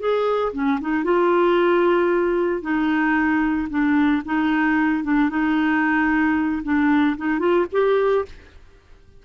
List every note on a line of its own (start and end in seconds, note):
0.00 0.53 G#4
0.53 0.80 C#4
0.81 1.05 D#4
1.05 2.62 F4
2.62 3.69 D#4
3.70 4.23 D4
4.26 5.04 D#4
5.04 5.30 D4
5.30 6.63 D#4
6.64 7.17 D4
7.18 7.40 D#4
7.40 7.66 F4
7.73 8.26 G4